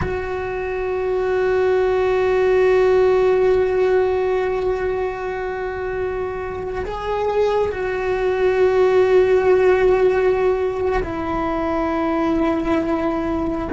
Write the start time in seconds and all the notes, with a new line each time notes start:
0.01 F#4
6.85 G#4
7.71 F#4
11.03 E4